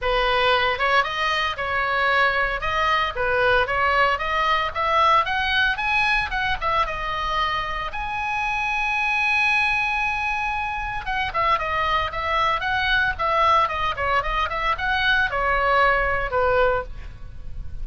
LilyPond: \new Staff \with { instrumentName = "oboe" } { \time 4/4 \tempo 4 = 114 b'4. cis''8 dis''4 cis''4~ | cis''4 dis''4 b'4 cis''4 | dis''4 e''4 fis''4 gis''4 | fis''8 e''8 dis''2 gis''4~ |
gis''1~ | gis''4 fis''8 e''8 dis''4 e''4 | fis''4 e''4 dis''8 cis''8 dis''8 e''8 | fis''4 cis''2 b'4 | }